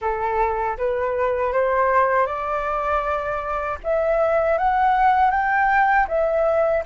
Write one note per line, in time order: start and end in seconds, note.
0.01 0.77 A4
0.77 1.52 B4
1.52 2.26 C5
2.26 3.78 D5
3.84 4.57 E5
4.57 5.31 F#5
5.31 6.07 G5
6.08 6.84 E5